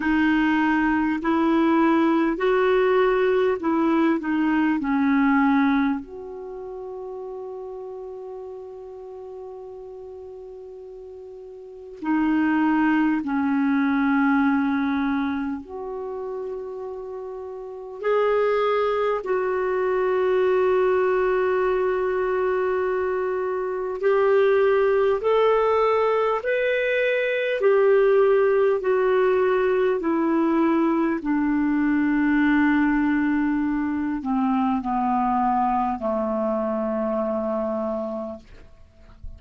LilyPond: \new Staff \with { instrumentName = "clarinet" } { \time 4/4 \tempo 4 = 50 dis'4 e'4 fis'4 e'8 dis'8 | cis'4 fis'2.~ | fis'2 dis'4 cis'4~ | cis'4 fis'2 gis'4 |
fis'1 | g'4 a'4 b'4 g'4 | fis'4 e'4 d'2~ | d'8 c'8 b4 a2 | }